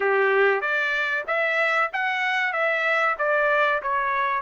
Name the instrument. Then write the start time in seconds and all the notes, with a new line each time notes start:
trumpet
0.00 G4
0.61 D5
1.27 E5
1.92 F#5
2.53 E5
3.18 D5
3.82 C#5